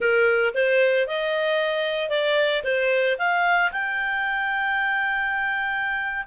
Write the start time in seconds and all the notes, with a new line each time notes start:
0.00 A#4
0.54 C5
1.07 D#5
2.09 D5
2.64 C5
3.18 F5
3.72 G5